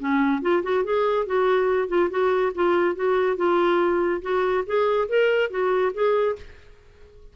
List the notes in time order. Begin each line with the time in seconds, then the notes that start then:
0.00 C#4
0.42 F4
0.63 F#4
0.85 G#4
1.26 F#4
1.89 F4
2.11 F#4
2.55 F4
2.96 F#4
3.37 F4
4.22 F#4
4.66 G#4
5.09 A#4
5.50 F#4
5.94 G#4